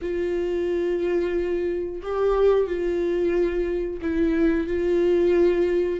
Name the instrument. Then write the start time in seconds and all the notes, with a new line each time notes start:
viola
0.01 F4
2.02 G4
2.67 F4
4.01 E4
4.67 F4